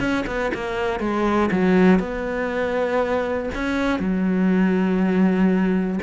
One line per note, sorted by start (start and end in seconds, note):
0.00 0.25 C#4
0.27 0.52 B3
0.54 1.00 A#3
1.00 1.50 G#3
1.52 2.00 F#3
2.00 3.50 B3
3.55 4.00 C#4
4.00 6.00 F#3